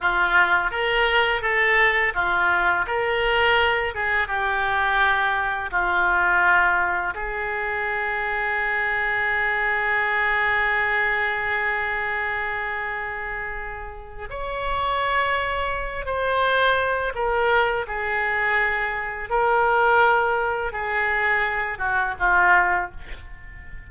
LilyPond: \new Staff \with { instrumentName = "oboe" } { \time 4/4 \tempo 4 = 84 f'4 ais'4 a'4 f'4 | ais'4. gis'8 g'2 | f'2 gis'2~ | gis'1~ |
gis'1 | cis''2~ cis''8 c''4. | ais'4 gis'2 ais'4~ | ais'4 gis'4. fis'8 f'4 | }